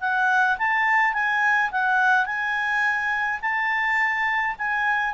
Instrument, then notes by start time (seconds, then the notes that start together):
clarinet
0.00 F#5
0.58 A5
1.13 G#5
1.71 F#5
2.25 G#5
3.41 A5
4.58 G#5